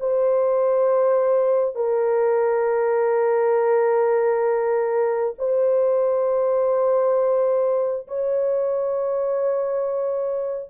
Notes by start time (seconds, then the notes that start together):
0.00 C5
1.75 A#4
5.38 C5
8.08 C#5